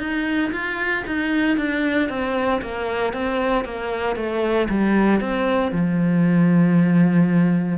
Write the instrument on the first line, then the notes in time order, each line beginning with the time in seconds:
cello
0.00 D#4
0.52 F4
1.07 D#4
1.58 D4
2.10 C4
2.62 A#3
3.14 C4
3.65 A#3
4.17 A3
4.70 G3
5.21 C4
5.72 F3